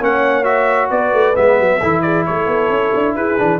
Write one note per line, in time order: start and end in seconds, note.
0.00 0.90 A#3
0.00 0.44 C#4
0.00 0.90 C#5
0.00 0.43 F#5
0.43 1.34 F#4
0.43 0.89 E5
0.90 1.13 B3
0.90 1.80 B4
0.90 1.36 D5
1.13 1.35 A3
1.35 1.59 G#3
1.35 1.80 B3
1.35 2.01 E5
1.59 1.81 F#3
1.80 2.27 E3
1.80 3.38 E4
1.80 2.02 A4
2.01 2.26 G#4
2.01 2.24 D5
2.25 2.47 A3
2.25 3.16 A4
2.25 3.15 C#5
2.47 2.69 B3
2.69 2.92 C#4
2.94 3.15 D4
3.15 3.38 E4
3.15 3.59 G#4
3.15 3.59 B4
3.38 3.59 E3
3.38 3.59 D4